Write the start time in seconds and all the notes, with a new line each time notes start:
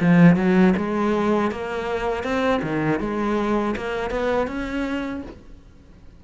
0.00 F3
0.36 F#3
0.76 G#3
1.51 A#3
2.23 C4
2.62 D#3
3.00 G#3
3.76 A#3
4.10 B3
4.47 C#4